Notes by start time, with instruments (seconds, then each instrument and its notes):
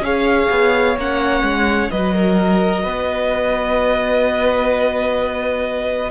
0.00 cello C#4, viola G#4, violin C#5 F5
0.50 cello B3
0.97 cello A#3, viola C#4, violin F#5
1.42 cello G#3
1.90 cello F#3, viola F#4, violin B4 D#5
2.14 violin A#4
2.83 cello B3, violin B4